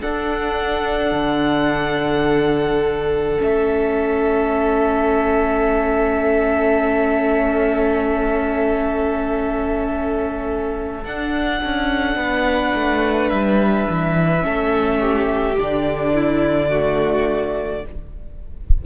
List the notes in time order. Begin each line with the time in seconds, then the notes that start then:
0.00 D4 A4 F#5
1.12 D3
3.38 A3 C#4 E5
11.05 D4 F#5
11.65 C#4
12.16 B3 B4
12.75 A3
13.30 G3 E5
13.90 E3
14.41 A3 C#4 A4
15.00 G4
15.58 D3 D4 D5
16.15 E4
16.70 A3 F#4